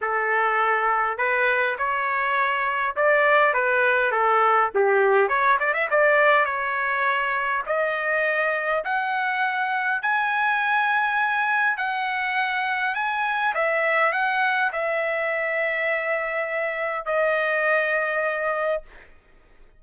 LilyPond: \new Staff \with { instrumentName = "trumpet" } { \time 4/4 \tempo 4 = 102 a'2 b'4 cis''4~ | cis''4 d''4 b'4 a'4 | g'4 cis''8 d''16 e''16 d''4 cis''4~ | cis''4 dis''2 fis''4~ |
fis''4 gis''2. | fis''2 gis''4 e''4 | fis''4 e''2.~ | e''4 dis''2. | }